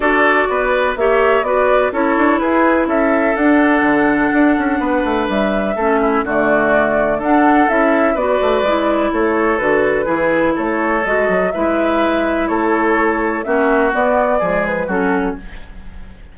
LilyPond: <<
  \new Staff \with { instrumentName = "flute" } { \time 4/4 \tempo 4 = 125 d''2 e''4 d''4 | cis''4 b'4 e''4 fis''4~ | fis''2. e''4~ | e''4 d''2 fis''4 |
e''4 d''2 cis''4 | b'2 cis''4 dis''4 | e''2 cis''2 | e''4 d''4. b'8 a'4 | }
  \new Staff \with { instrumentName = "oboe" } { \time 4/4 a'4 b'4 cis''4 b'4 | a'4 gis'4 a'2~ | a'2 b'2 | a'8 e'8 fis'2 a'4~ |
a'4 b'2 a'4~ | a'4 gis'4 a'2 | b'2 a'2 | fis'2 gis'4 fis'4 | }
  \new Staff \with { instrumentName = "clarinet" } { \time 4/4 fis'2 g'4 fis'4 | e'2. d'4~ | d'1 | cis'4 a2 d'4 |
e'4 fis'4 e'2 | fis'4 e'2 fis'4 | e'1 | cis'4 b4 gis4 cis'4 | }
  \new Staff \with { instrumentName = "bassoon" } { \time 4/4 d'4 b4 ais4 b4 | cis'8 d'8 e'4 cis'4 d'4 | d4 d'8 cis'8 b8 a8 g4 | a4 d2 d'4 |
cis'4 b8 a8 gis4 a4 | d4 e4 a4 gis8 fis8 | gis2 a2 | ais4 b4 f4 fis4 | }
>>